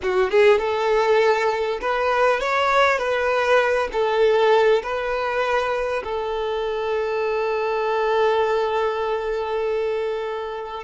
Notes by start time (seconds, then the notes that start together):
0.02 F#4
0.30 G#4
0.59 A4
1.81 B4
2.40 C#5
2.98 B4
3.92 A4
4.82 B4
6.03 A4